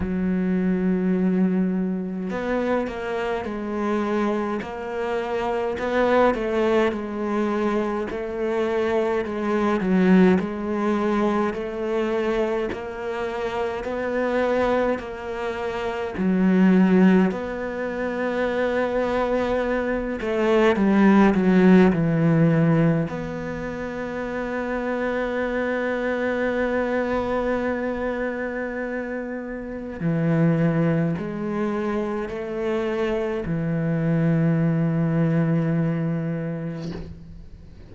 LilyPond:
\new Staff \with { instrumentName = "cello" } { \time 4/4 \tempo 4 = 52 fis2 b8 ais8 gis4 | ais4 b8 a8 gis4 a4 | gis8 fis8 gis4 a4 ais4 | b4 ais4 fis4 b4~ |
b4. a8 g8 fis8 e4 | b1~ | b2 e4 gis4 | a4 e2. | }